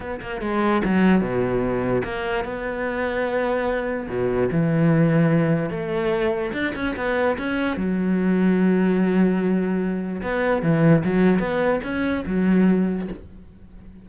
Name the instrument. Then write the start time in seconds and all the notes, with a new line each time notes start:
cello
0.00 B3
0.21 A#3
0.41 G#3
0.84 F#3
1.21 B2
2.04 A#3
2.44 B3
4.09 B2
4.51 E3
5.70 A3
6.52 D4
6.75 C#4
6.96 B3
7.37 C#4
7.76 F#3
10.22 B3
10.62 E3
11.04 F#3
11.39 B3
11.83 C#4
12.26 F#3